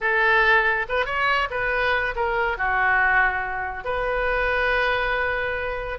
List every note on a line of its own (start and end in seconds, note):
0.00 0.86 A4
0.88 1.05 B4
1.05 1.48 C#5
1.50 2.14 B4
2.15 2.57 A#4
2.57 3.84 F#4
3.84 5.98 B4